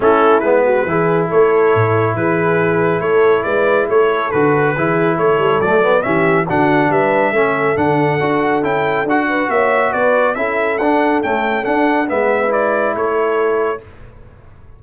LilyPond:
<<
  \new Staff \with { instrumentName = "trumpet" } { \time 4/4 \tempo 4 = 139 a'4 b'2 cis''4~ | cis''4 b'2 cis''4 | d''4 cis''4 b'2 | cis''4 d''4 e''4 fis''4 |
e''2 fis''2 | g''4 fis''4 e''4 d''4 | e''4 fis''4 g''4 fis''4 | e''4 d''4 cis''2 | }
  \new Staff \with { instrumentName = "horn" } { \time 4/4 e'4. fis'8 gis'4 a'4~ | a'4 gis'2 a'4 | b'4 a'2 gis'4 | a'2 g'4 fis'4 |
b'4 a'2.~ | a'4. b'8 cis''4 b'4 | a'1 | b'2 a'2 | }
  \new Staff \with { instrumentName = "trombone" } { \time 4/4 cis'4 b4 e'2~ | e'1~ | e'2 fis'4 e'4~ | e'4 a8 b8 cis'4 d'4~ |
d'4 cis'4 d'4 fis'4 | e'4 fis'2. | e'4 d'4 a4 d'4 | b4 e'2. | }
  \new Staff \with { instrumentName = "tuba" } { \time 4/4 a4 gis4 e4 a4 | a,4 e2 a4 | gis4 a4 d4 e4 | a8 g8 fis4 e4 d4 |
g4 a4 d4 d'4 | cis'4 d'4 ais4 b4 | cis'4 d'4 cis'4 d'4 | gis2 a2 | }
>>